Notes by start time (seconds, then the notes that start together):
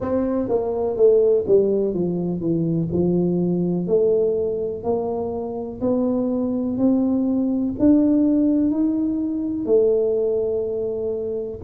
0.00 C4
0.48 A#3
0.96 A3
1.47 G3
1.94 F3
2.40 E3
2.93 F3
3.87 A3
4.83 A#3
5.81 B3
6.77 C4
7.79 D4
8.71 D#4
9.65 A3